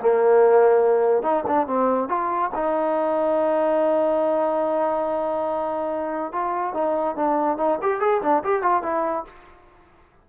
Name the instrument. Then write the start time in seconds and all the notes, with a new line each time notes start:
trombone
0.00 A#3
1.23 D#4
1.47 D4
1.67 C4
2.09 F4
2.55 D#4
6.33 F4
6.74 D#4
7.16 D4
7.58 D#4
7.82 G4
8.01 G#4
8.22 D4
8.44 G4
8.62 F4
8.83 E4